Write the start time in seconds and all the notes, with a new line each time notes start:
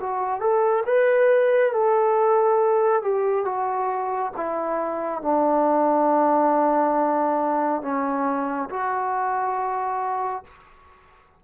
0.00 F#4
0.40 A4
0.86 B4
1.73 A4
3.02 G4
3.45 F#4
4.36 E4
5.22 D4
7.82 C#4
8.70 F#4